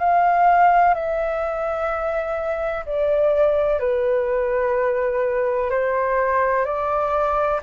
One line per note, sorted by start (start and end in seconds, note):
0.00 0.94 F5
0.94 2.85 E5
2.86 3.80 D5
3.80 5.70 B4
5.71 6.65 C5
6.65 7.60 D5